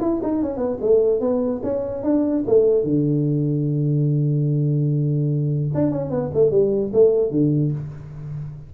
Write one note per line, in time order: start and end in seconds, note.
0.00 0.20 E4
0.23 0.42 D#4
0.42 0.57 C#4
0.57 0.77 B3
0.81 1.20 A3
1.20 1.61 B3
1.63 2.03 C#4
2.03 2.44 D4
2.47 2.83 A3
2.83 5.69 D3
5.74 5.91 D4
5.91 6.10 C#4
6.10 6.31 B3
6.34 6.51 A3
6.51 6.91 G3
6.93 7.31 A3
7.31 7.71 D3